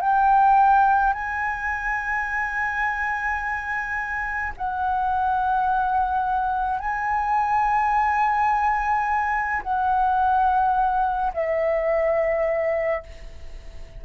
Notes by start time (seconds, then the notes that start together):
0.00 G5
1.13 G#5
4.57 F#5
6.79 G#5
9.63 F#5
11.33 E5